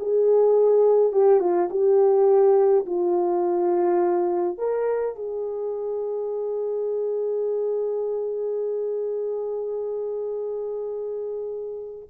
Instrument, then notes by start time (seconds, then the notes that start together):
horn
0.00 G#4
1.13 G4
1.41 F4
1.70 G4
2.86 F4
4.58 A#4
5.16 G#4